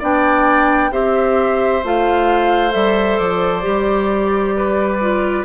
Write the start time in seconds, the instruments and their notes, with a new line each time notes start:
0.00 bassoon B3, clarinet D4, oboe D5, flute G5
0.92 bassoon C4, clarinet G4, oboe C5, flute E5
1.84 bassoon A3, clarinet F4, flute F5
2.72 bassoon G3, clarinet A4, flute E5
3.19 bassoon F3, flute D5
3.63 bassoon G3, clarinet G4
4.57 oboe B4
5.01 clarinet F4